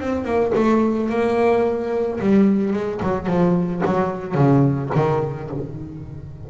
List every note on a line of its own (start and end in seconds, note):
0.00 0.24 C4
0.24 0.52 A#3
0.55 1.09 A3
1.09 2.19 A#3
2.20 2.73 G3
2.73 3.00 G#3
3.02 3.27 F#3
3.27 3.82 F3
3.85 4.35 F#3
4.35 4.90 C#3
4.95 5.50 D#3